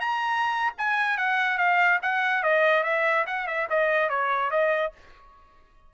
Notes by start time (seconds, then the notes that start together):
0.00 A#5
0.78 G#5
1.17 F#5
1.58 F5
2.02 F#5
2.43 D#5
2.83 E5
3.27 F#5
3.47 E5
3.70 D#5
4.09 C#5
4.50 D#5